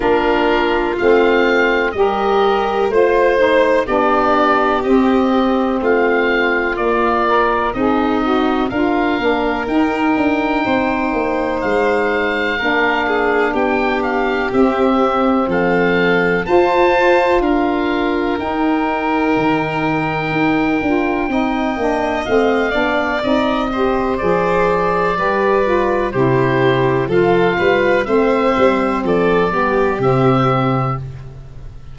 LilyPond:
<<
  \new Staff \with { instrumentName = "oboe" } { \time 4/4 \tempo 4 = 62 ais'4 f''4 dis''4 c''4 | d''4 dis''4 f''4 d''4 | dis''4 f''4 g''2 | f''2 g''8 f''8 e''4 |
f''4 a''4 f''4 g''4~ | g''2. f''4 | dis''4 d''2 c''4 | f''4 e''4 d''4 e''4 | }
  \new Staff \with { instrumentName = "violin" } { \time 4/4 f'2 ais'4 c''4 | g'2 f'2 | dis'4 ais'2 c''4~ | c''4 ais'8 gis'8 g'2 |
a'4 c''4 ais'2~ | ais'2 dis''4. d''8~ | d''8 c''4. b'4 g'4 | a'8 b'8 c''4 a'8 g'4. | }
  \new Staff \with { instrumentName = "saxophone" } { \time 4/4 d'4 c'4 g'4 f'8 dis'8 | d'4 c'2 ais8 ais'8 | gis'8 fis'8 f'8 d'8 dis'2~ | dis'4 d'2 c'4~ |
c'4 f'2 dis'4~ | dis'4. f'8 dis'8 d'8 c'8 d'8 | dis'8 g'8 gis'4 g'8 f'8 e'4 | f'4 c'4. b8 c'4 | }
  \new Staff \with { instrumentName = "tuba" } { \time 4/4 ais4 a4 g4 a4 | b4 c'4 a4 ais4 | c'4 d'8 ais8 dis'8 d'8 c'8 ais8 | gis4 ais4 b4 c'4 |
f4 f'4 d'4 dis'4 | dis4 dis'8 d'8 c'8 ais8 a8 b8 | c'4 f4 g4 c4 | f8 g8 a8 g8 f8 g8 c4 | }
>>